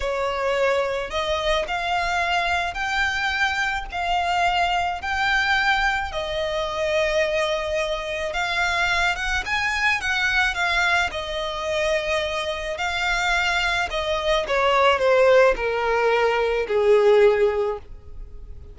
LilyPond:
\new Staff \with { instrumentName = "violin" } { \time 4/4 \tempo 4 = 108 cis''2 dis''4 f''4~ | f''4 g''2 f''4~ | f''4 g''2 dis''4~ | dis''2. f''4~ |
f''8 fis''8 gis''4 fis''4 f''4 | dis''2. f''4~ | f''4 dis''4 cis''4 c''4 | ais'2 gis'2 | }